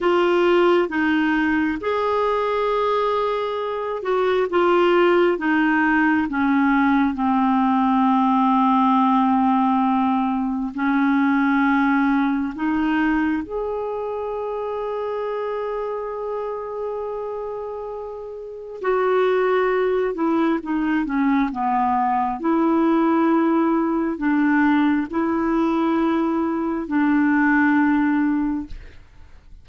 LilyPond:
\new Staff \with { instrumentName = "clarinet" } { \time 4/4 \tempo 4 = 67 f'4 dis'4 gis'2~ | gis'8 fis'8 f'4 dis'4 cis'4 | c'1 | cis'2 dis'4 gis'4~ |
gis'1~ | gis'4 fis'4. e'8 dis'8 cis'8 | b4 e'2 d'4 | e'2 d'2 | }